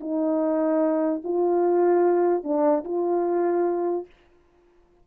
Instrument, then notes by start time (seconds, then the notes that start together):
horn
0.00 D#4
1.24 F4
2.43 D4
2.84 F4